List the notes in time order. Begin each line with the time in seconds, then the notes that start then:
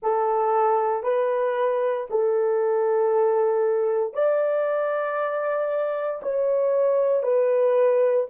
0.02 A4
1.03 B4
2.10 A4
4.13 D5
6.22 C#5
7.22 B4